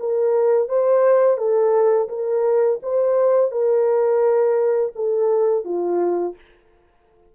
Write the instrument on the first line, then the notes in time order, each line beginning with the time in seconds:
horn
0.00 A#4
0.69 C5
1.38 A4
2.09 A#4
2.83 C5
3.52 A#4
4.96 A4
5.65 F4